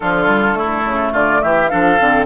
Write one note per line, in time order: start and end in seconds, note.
0.00 0.82 D3
0.00 0.26 F3
0.00 0.58 F4
0.00 1.12 A4
0.26 0.53 G3
0.53 1.67 A3
0.53 1.12 E4
0.85 1.12 C#3
1.12 1.41 D3
1.12 1.41 F4
1.12 1.42 D5
1.42 1.71 E3
1.42 1.70 G4
1.42 1.67 E5
1.67 1.99 F3
1.67 1.98 D4
1.67 2.26 A4
1.67 2.24 F5
1.98 2.26 D3
1.98 2.26 C4